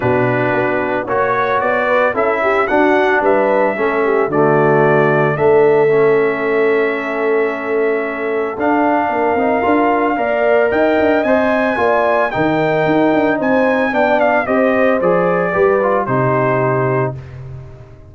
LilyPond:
<<
  \new Staff \with { instrumentName = "trumpet" } { \time 4/4 \tempo 4 = 112 b'2 cis''4 d''4 | e''4 fis''4 e''2 | d''2 e''2~ | e''1 |
f''1 | g''4 gis''2 g''4~ | g''4 gis''4 g''8 f''8 dis''4 | d''2 c''2 | }
  \new Staff \with { instrumentName = "horn" } { \time 4/4 fis'2 cis''4. b'8 | a'8 g'8 fis'4 b'4 a'8 g'8 | fis'2 a'2~ | a'1~ |
a'4 ais'2 d''4 | dis''2 d''4 ais'4~ | ais'4 c''4 d''4 c''4~ | c''4 b'4 g'2 | }
  \new Staff \with { instrumentName = "trombone" } { \time 4/4 d'2 fis'2 | e'4 d'2 cis'4 | a2 d'4 cis'4~ | cis'1 |
d'4. dis'8 f'4 ais'4~ | ais'4 c''4 f'4 dis'4~ | dis'2 d'4 g'4 | gis'4 g'8 f'8 dis'2 | }
  \new Staff \with { instrumentName = "tuba" } { \time 4/4 b,4 b4 ais4 b4 | cis'4 d'4 g4 a4 | d2 a2~ | a1 |
d'4 ais8 c'8 d'4 ais4 | dis'8 d'8 c'4 ais4 dis4 | dis'8 d'8 c'4 b4 c'4 | f4 g4 c2 | }
>>